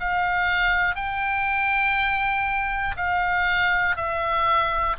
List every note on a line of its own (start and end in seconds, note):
0.00 0.96 F5
0.96 2.96 G5
2.97 3.96 F5
3.96 4.96 E5